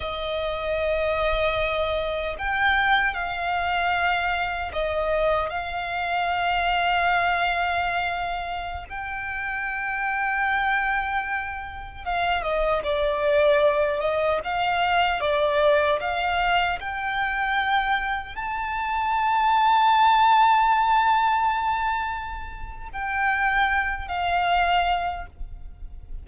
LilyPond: \new Staff \with { instrumentName = "violin" } { \time 4/4 \tempo 4 = 76 dis''2. g''4 | f''2 dis''4 f''4~ | f''2.~ f''16 g''8.~ | g''2.~ g''16 f''8 dis''16~ |
dis''16 d''4. dis''8 f''4 d''8.~ | d''16 f''4 g''2 a''8.~ | a''1~ | a''4 g''4. f''4. | }